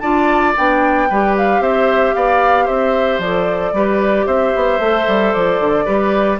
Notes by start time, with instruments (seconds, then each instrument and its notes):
0.00 bassoon D4, clarinet F4, oboe D5, flute A5
0.56 bassoon B3, clarinet D4, flute G5
1.09 bassoon G3, clarinet G4, oboe B4
1.37 flute F5
1.60 bassoon C4, oboe C5, flute E5
2.14 bassoon B3, oboe D5, flute F5
2.65 bassoon C4, oboe C5, flute E5
3.19 bassoon F3, clarinet A4, flute D5
3.73 bassoon G3, clarinet G4, oboe B4
4.26 bassoon C4, oboe C5, flute E5
4.56 bassoon B3
4.79 bassoon A3, clarinet A4
5.07 bassoon G3
5.33 bassoon F3, flute D5
5.60 bassoon D3
5.85 bassoon G3, clarinet G4, oboe B4